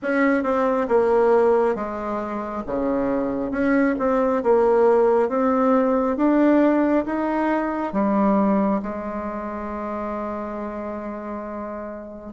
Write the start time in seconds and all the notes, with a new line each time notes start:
0.02 C#4
0.43 C4
0.88 A#3
1.74 G#3
2.66 C#3
3.51 C#4
3.98 C4
4.43 A#3
5.29 C4
6.16 D4
7.05 D#4
7.93 G3
8.82 G#3